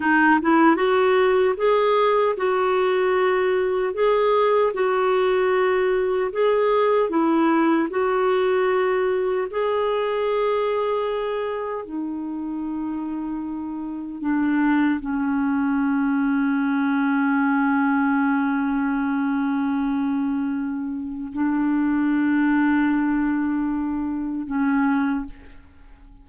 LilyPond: \new Staff \with { instrumentName = "clarinet" } { \time 4/4 \tempo 4 = 76 dis'8 e'8 fis'4 gis'4 fis'4~ | fis'4 gis'4 fis'2 | gis'4 e'4 fis'2 | gis'2. dis'4~ |
dis'2 d'4 cis'4~ | cis'1~ | cis'2. d'4~ | d'2. cis'4 | }